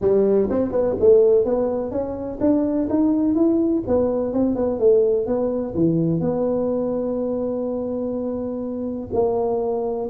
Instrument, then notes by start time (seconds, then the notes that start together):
tuba
0.01 G3
0.50 C4
0.71 B3
0.99 A3
1.44 B3
1.91 C#4
2.40 D4
2.89 D#4
3.34 E4
3.87 B3
4.33 C4
4.55 B3
4.79 A3
5.26 B3
5.74 E3
6.20 B3
9.13 A#3